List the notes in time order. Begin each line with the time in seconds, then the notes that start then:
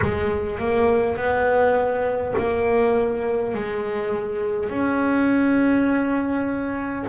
0.01 G#3
0.58 A#3
1.16 B3
2.37 A#3
3.54 G#3
4.69 C#4